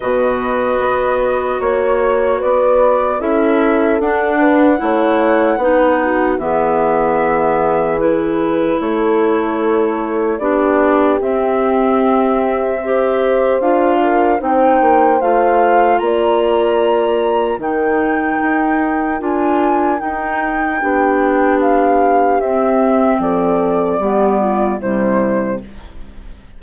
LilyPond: <<
  \new Staff \with { instrumentName = "flute" } { \time 4/4 \tempo 4 = 75 dis''2 cis''4 d''4 | e''4 fis''2. | e''2 b'4 cis''4~ | cis''4 d''4 e''2~ |
e''4 f''4 g''4 f''4 | ais''2 g''2 | gis''4 g''2 f''4 | e''4 d''2 c''4 | }
  \new Staff \with { instrumentName = "horn" } { \time 4/4 b'2 cis''4 b'4 | a'4. b'8 cis''4 b'8 fis'8 | gis'2. a'4~ | a'4 g'2. |
c''4. ais'8 c''2 | d''2 ais'2~ | ais'2 g'2~ | g'4 a'4 g'8 f'8 e'4 | }
  \new Staff \with { instrumentName = "clarinet" } { \time 4/4 fis'1 | e'4 d'4 e'4 dis'4 | b2 e'2~ | e'4 d'4 c'2 |
g'4 f'4 dis'4 f'4~ | f'2 dis'2 | f'4 dis'4 d'2 | c'2 b4 g4 | }
  \new Staff \with { instrumentName = "bassoon" } { \time 4/4 b,4 b4 ais4 b4 | cis'4 d'4 a4 b4 | e2. a4~ | a4 b4 c'2~ |
c'4 d'4 c'8 ais8 a4 | ais2 dis4 dis'4 | d'4 dis'4 b2 | c'4 f4 g4 c4 | }
>>